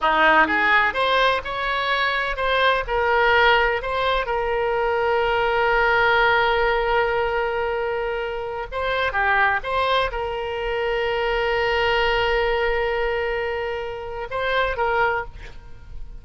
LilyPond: \new Staff \with { instrumentName = "oboe" } { \time 4/4 \tempo 4 = 126 dis'4 gis'4 c''4 cis''4~ | cis''4 c''4 ais'2 | c''4 ais'2.~ | ais'1~ |
ais'2~ ais'16 c''4 g'8.~ | g'16 c''4 ais'2~ ais'8.~ | ais'1~ | ais'2 c''4 ais'4 | }